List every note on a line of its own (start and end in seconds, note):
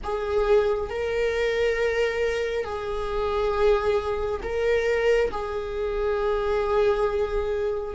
0.03 0.89 G#4
0.89 2.64 A#4
2.64 4.40 G#4
4.42 5.31 A#4
5.31 7.94 G#4